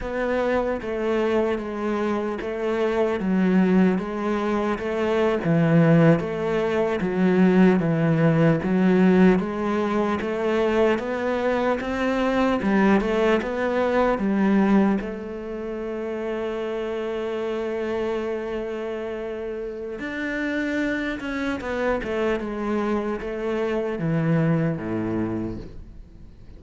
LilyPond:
\new Staff \with { instrumentName = "cello" } { \time 4/4 \tempo 4 = 75 b4 a4 gis4 a4 | fis4 gis4 a8. e4 a16~ | a8. fis4 e4 fis4 gis16~ | gis8. a4 b4 c'4 g16~ |
g16 a8 b4 g4 a4~ a16~ | a1~ | a4 d'4. cis'8 b8 a8 | gis4 a4 e4 a,4 | }